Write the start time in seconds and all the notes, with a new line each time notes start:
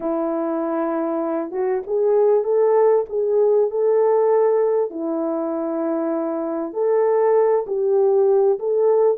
0.00 E4
1.51 F#4
1.86 G#4
2.44 A4
3.09 G#4
3.70 A4
4.90 E4
6.73 A4
7.67 G4
8.59 A4